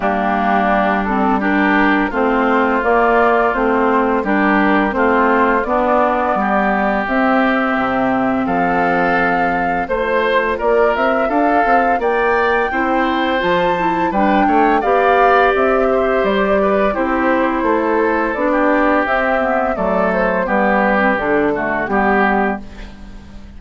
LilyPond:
<<
  \new Staff \with { instrumentName = "flute" } { \time 4/4 \tempo 4 = 85 g'4. a'8 ais'4 c''4 | d''4 c''4 ais'4 c''4 | d''2 e''2 | f''2 c''4 d''8 e''8 |
f''4 g''2 a''4 | g''4 f''4 e''4 d''4 | c''2 d''4 e''4 | d''8 c''8 b'4 a'4 g'4 | }
  \new Staff \with { instrumentName = "oboe" } { \time 4/4 d'2 g'4 f'4~ | f'2 g'4 f'4 | d'4 g'2. | a'2 c''4 ais'4 |
a'4 d''4 c''2 | b'8 cis''8 d''4. c''4 b'8 | g'4 a'4~ a'16 g'4.~ g'16 | a'4 g'4. fis'8 g'4 | }
  \new Staff \with { instrumentName = "clarinet" } { \time 4/4 ais4. c'8 d'4 c'4 | ais4 c'4 d'4 c'4 | b2 c'2~ | c'2 f'2~ |
f'2 e'4 f'8 e'8 | d'4 g'2. | e'2 d'4 c'8 b8 | a4 b8. c'16 d'8 a8 b4 | }
  \new Staff \with { instrumentName = "bassoon" } { \time 4/4 g2. a4 | ais4 a4 g4 a4 | b4 g4 c'4 c4 | f2 a4 ais8 c'8 |
d'8 c'8 ais4 c'4 f4 | g8 a8 b4 c'4 g4 | c'4 a4 b4 c'4 | fis4 g4 d4 g4 | }
>>